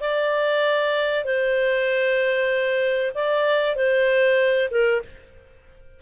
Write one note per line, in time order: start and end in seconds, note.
0.00 1.25 D5
1.25 3.12 C5
3.14 3.76 D5
3.76 4.69 C5
4.71 5.02 A#4